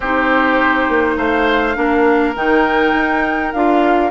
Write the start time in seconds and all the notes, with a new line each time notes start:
0.00 C4 D#4 G4 C5
0.88 A#3
1.17 A3 C5 F5
1.75 A#3 D4 A#4
2.35 D#3 D#4 G5
2.93 D#4
3.52 D4 F4 F5